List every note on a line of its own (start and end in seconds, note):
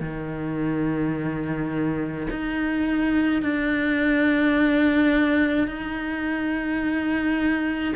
0.00 2.26 D#3
2.30 3.42 D#4
3.42 5.67 D4
5.67 7.93 D#4